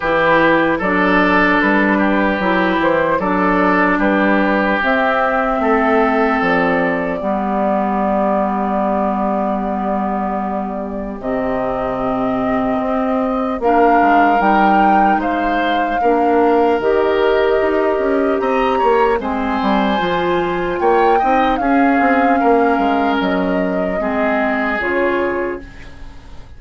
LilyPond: <<
  \new Staff \with { instrumentName = "flute" } { \time 4/4 \tempo 4 = 75 b'4 d''4 b'4. c''8 | d''4 b'4 e''2 | d''1~ | d''2 dis''2~ |
dis''4 f''4 g''4 f''4~ | f''4 dis''2 ais''4 | gis''2 g''4 f''4~ | f''4 dis''2 cis''4 | }
  \new Staff \with { instrumentName = "oboe" } { \time 4/4 g'4 a'4. g'4. | a'4 g'2 a'4~ | a'4 g'2.~ | g'1~ |
g'4 ais'2 c''4 | ais'2. dis''8 cis''8 | c''2 cis''8 dis''8 gis'4 | ais'2 gis'2 | }
  \new Staff \with { instrumentName = "clarinet" } { \time 4/4 e'4 d'2 e'4 | d'2 c'2~ | c'4 b2.~ | b2 c'2~ |
c'4 d'4 dis'2 | d'4 g'2. | c'4 f'4. dis'8 cis'4~ | cis'2 c'4 f'4 | }
  \new Staff \with { instrumentName = "bassoon" } { \time 4/4 e4 fis4 g4 fis8 e8 | fis4 g4 c'4 a4 | f4 g2.~ | g2 c2 |
c'4 ais8 gis8 g4 gis4 | ais4 dis4 dis'8 cis'8 c'8 ais8 | gis8 g8 f4 ais8 c'8 cis'8 c'8 | ais8 gis8 fis4 gis4 cis4 | }
>>